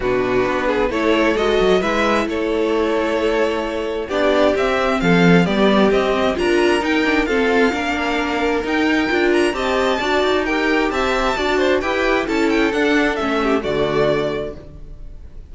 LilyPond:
<<
  \new Staff \with { instrumentName = "violin" } { \time 4/4 \tempo 4 = 132 b'2 cis''4 dis''4 | e''4 cis''2.~ | cis''4 d''4 e''4 f''4 | d''4 dis''4 ais''4 g''4 |
f''2. g''4~ | g''8 ais''8 a''2 g''4 | a''2 g''4 a''8 g''8 | fis''4 e''4 d''2 | }
  \new Staff \with { instrumentName = "violin" } { \time 4/4 fis'4. gis'8 a'2 | b'4 a'2.~ | a'4 g'2 a'4 | g'2 ais'2 |
a'4 ais'2.~ | ais'4 dis''4 d''4 ais'4 | e''4 d''8 c''8 b'4 a'4~ | a'4. g'8 fis'2 | }
  \new Staff \with { instrumentName = "viola" } { \time 4/4 d'2 e'4 fis'4 | e'1~ | e'4 d'4 c'2 | b4 c'4 f'4 dis'8 d'8 |
c'4 d'2 dis'4 | f'4 g'4 fis'4 g'4~ | g'4 fis'4 g'4 e'4 | d'4 cis'4 a2 | }
  \new Staff \with { instrumentName = "cello" } { \time 4/4 b,4 b4 a4 gis8 fis8 | gis4 a2.~ | a4 b4 c'4 f4 | g4 c'4 d'4 dis'4 |
f'4 ais2 dis'4 | d'4 c'4 d'8 dis'4. | c'4 d'4 e'4 cis'4 | d'4 a4 d2 | }
>>